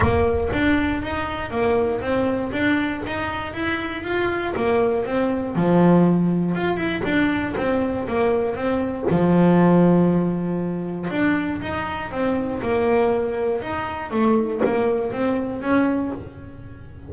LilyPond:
\new Staff \with { instrumentName = "double bass" } { \time 4/4 \tempo 4 = 119 ais4 d'4 dis'4 ais4 | c'4 d'4 dis'4 e'4 | f'4 ais4 c'4 f4~ | f4 f'8 e'8 d'4 c'4 |
ais4 c'4 f2~ | f2 d'4 dis'4 | c'4 ais2 dis'4 | a4 ais4 c'4 cis'4 | }